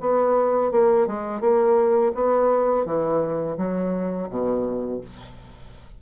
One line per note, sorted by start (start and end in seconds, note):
0.00 0.71 B3
0.71 1.06 A#3
1.06 1.40 G#3
1.40 2.12 A#3
2.14 2.85 B3
2.85 3.56 E3
3.57 4.29 F#3
4.29 5.00 B2